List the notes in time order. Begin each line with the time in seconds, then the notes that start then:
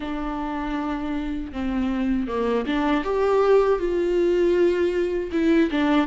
0.00 D4
1.52 C4
2.28 A#3
2.66 D4
3.04 G4
3.79 F4
5.32 E4
5.71 D4